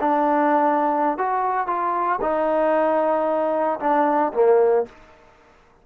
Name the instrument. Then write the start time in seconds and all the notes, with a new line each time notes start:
trombone
0.00 D4
1.17 F#4
1.67 F4
2.21 D#4
3.79 D4
4.33 A#3